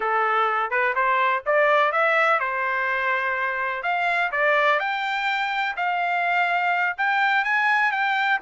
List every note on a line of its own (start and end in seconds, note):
0.00 0.70 A4
0.70 0.94 B4
0.95 1.43 C5
1.46 1.91 D5
1.91 2.39 E5
2.39 3.83 C5
3.83 4.31 F5
4.31 4.79 D5
4.79 5.75 G5
5.76 6.96 F5
6.97 7.44 G5
7.44 7.91 G#5
7.91 8.39 G5